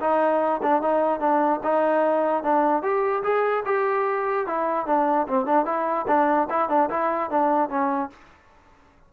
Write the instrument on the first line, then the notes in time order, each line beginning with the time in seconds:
trombone
0.00 D#4
0.63 D4
0.82 D#4
1.20 D4
1.63 D#4
2.43 D4
2.82 G4
3.23 G#4
3.65 G4
4.46 E4
4.86 D4
5.27 C4
5.46 D4
5.65 E4
6.08 D4
6.50 E4
6.69 D4
6.90 E4
7.30 D4
7.69 C#4